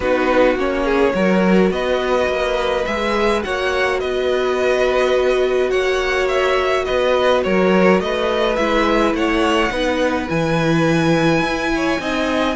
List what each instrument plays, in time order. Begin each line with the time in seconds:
0.00 cello B3, viola D#4, violin F#4 B4
0.56 cello A#3, viola C#4, violin C#5
0.84 violin G#4
1.14 cello F#3, viola F#4, violin A#4
1.70 cello B3, violin B4 D#5
2.28 cello A#3
2.85 cello G#3, viola G#4, violin E5
3.42 cello A#3, viola F#4, violin C#5 F#5
3.99 cello B3, violin B4 D#5
5.70 cello A#3, violin C#5 F#5
6.27 violin E5
6.84 cello B3, violin B4 D#5
7.43 cello F#3, violin A#4 C#5
8.00 cello A3, violin B4 D#5
8.55 cello G#3, viola E4, violin E5
9.13 cello A3, violin C#5 F#5
9.70 cello B3, viola D#4, violin B4
10.28 cello E3, viola E4, violin G#5
11.41 cello E4
11.75 violin C#5
11.98 cello C4, viola D#4, violin D#5